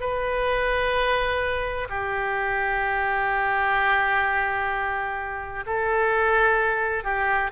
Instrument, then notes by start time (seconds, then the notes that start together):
oboe
0.00 B4
1.89 G4
5.66 A4
7.03 G4